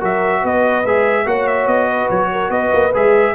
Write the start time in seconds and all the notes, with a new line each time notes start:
0.00 F#3 F#4 A#4 E5
0.42 B3 B4 D#5
0.86 G#3 G#4 E5
1.26 A#3 F#4 C#5 F#5
1.48 E5
1.67 B3 D#5
1.89 B4
2.10 F#3 C#5
2.33 A#4
2.50 B3 B4 D#5
2.73 A#3
2.95 G#3 G#4 E5